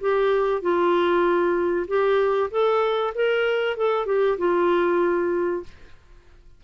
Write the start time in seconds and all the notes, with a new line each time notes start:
0.00 G4
0.61 F4
1.87 G4
2.51 A4
3.14 A#4
3.76 A4
4.06 G4
4.38 F4